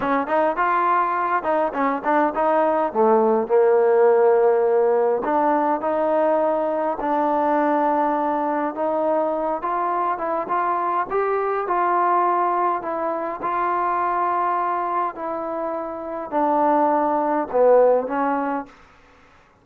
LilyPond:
\new Staff \with { instrumentName = "trombone" } { \time 4/4 \tempo 4 = 103 cis'8 dis'8 f'4. dis'8 cis'8 d'8 | dis'4 a4 ais2~ | ais4 d'4 dis'2 | d'2. dis'4~ |
dis'8 f'4 e'8 f'4 g'4 | f'2 e'4 f'4~ | f'2 e'2 | d'2 b4 cis'4 | }